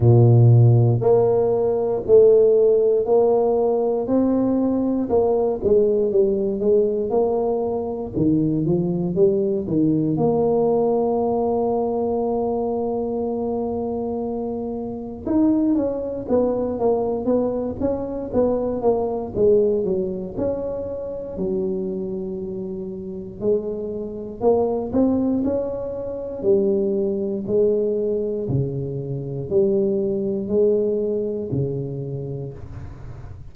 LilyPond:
\new Staff \with { instrumentName = "tuba" } { \time 4/4 \tempo 4 = 59 ais,4 ais4 a4 ais4 | c'4 ais8 gis8 g8 gis8 ais4 | dis8 f8 g8 dis8 ais2~ | ais2. dis'8 cis'8 |
b8 ais8 b8 cis'8 b8 ais8 gis8 fis8 | cis'4 fis2 gis4 | ais8 c'8 cis'4 g4 gis4 | cis4 g4 gis4 cis4 | }